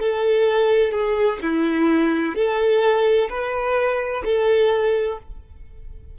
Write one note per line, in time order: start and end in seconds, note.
0.00 0.92 A4
0.92 1.39 G#4
1.42 2.36 E4
2.36 3.29 A4
3.30 4.24 B4
4.25 5.19 A4